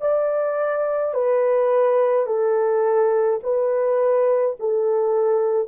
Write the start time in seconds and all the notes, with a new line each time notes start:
0.00 D5
1.14 B4
2.26 A4
3.43 B4
4.59 A4